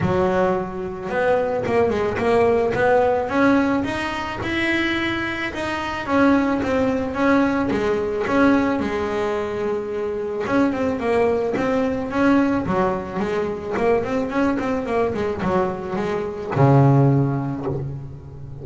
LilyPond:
\new Staff \with { instrumentName = "double bass" } { \time 4/4 \tempo 4 = 109 fis2 b4 ais8 gis8 | ais4 b4 cis'4 dis'4 | e'2 dis'4 cis'4 | c'4 cis'4 gis4 cis'4 |
gis2. cis'8 c'8 | ais4 c'4 cis'4 fis4 | gis4 ais8 c'8 cis'8 c'8 ais8 gis8 | fis4 gis4 cis2 | }